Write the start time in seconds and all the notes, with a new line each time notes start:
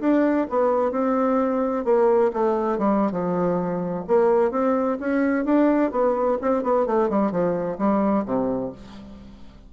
0.00 D4
0.49 B3
0.91 C4
1.84 A#3
2.33 A3
2.78 G3
3.11 F3
4.07 A#3
4.51 C4
4.99 C#4
5.45 D4
5.91 B3
6.41 C4
6.63 B3
6.86 A3
7.09 G3
7.31 F3
7.78 G3
8.25 C3